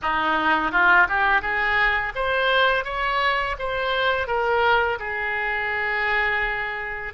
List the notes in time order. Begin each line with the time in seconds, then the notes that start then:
0.02 D#4
0.71 F4
1.08 G4
1.41 G#4
2.15 C5
2.84 C#5
3.58 C5
4.27 A#4
4.99 G#4